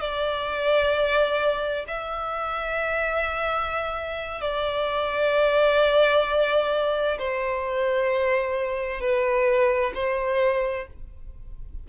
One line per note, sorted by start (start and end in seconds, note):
0.00 1.85 D5
1.88 4.41 E5
4.41 7.18 D5
7.19 9.00 C5
9.00 9.93 B4
9.94 10.87 C5